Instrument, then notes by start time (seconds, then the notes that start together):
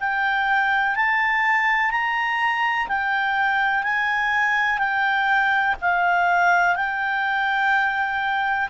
clarinet
0.00 G5
0.96 A5
1.91 A#5
2.88 G5
3.84 G#5
4.79 G5
5.82 F5
6.76 G5